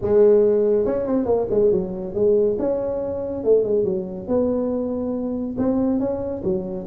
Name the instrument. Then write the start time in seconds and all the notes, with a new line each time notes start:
tuba
0.01 G#3
0.85 C#4
1.06 C4
1.25 A#3
1.50 G#3
1.71 F#3
2.14 G#3
2.58 C#4
3.44 A3
3.64 G#3
3.84 F#3
4.27 B3
5.58 C4
5.99 C#4
6.43 F#3